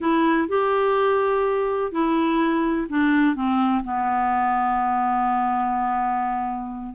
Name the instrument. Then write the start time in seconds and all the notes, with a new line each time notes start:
clarinet
0.00 E4
0.48 G4
1.91 E4
2.89 D4
3.35 C4
3.84 B3